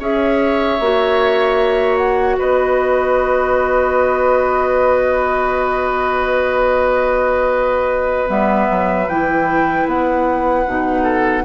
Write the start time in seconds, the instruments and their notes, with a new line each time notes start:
0.00 bassoon C#4, clarinet G#4, oboe C#5, flute E5
0.80 bassoon A#3, clarinet F#4
1.98 flute F#5
2.39 bassoon B3, oboe B4, flute D#5
8.28 bassoon G3, clarinet B3, flute E5
8.70 bassoon F#3
9.09 bassoon E3, clarinet E4, flute G5
9.86 bassoon B3, flute F#5
10.67 bassoon B2, clarinet D#4
11.03 oboe A4